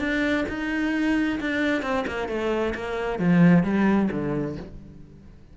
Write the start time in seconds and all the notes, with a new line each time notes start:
0.00 D4
0.49 D#4
1.41 D4
1.82 C4
2.08 A#3
2.29 A3
2.75 A#3
3.20 F3
3.64 G3
4.12 D3